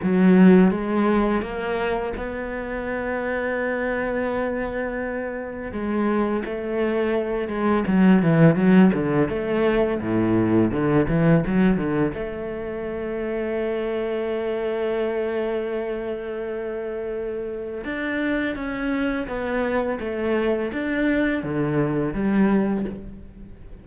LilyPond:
\new Staff \with { instrumentName = "cello" } { \time 4/4 \tempo 4 = 84 fis4 gis4 ais4 b4~ | b1 | gis4 a4. gis8 fis8 e8 | fis8 d8 a4 a,4 d8 e8 |
fis8 d8 a2.~ | a1~ | a4 d'4 cis'4 b4 | a4 d'4 d4 g4 | }